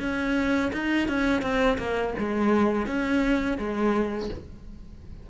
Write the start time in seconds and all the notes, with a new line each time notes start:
0.00 C#4
0.73 D#4
1.08 C#4
1.42 C4
1.78 A#3
2.19 G#3
2.87 C#4
3.58 G#3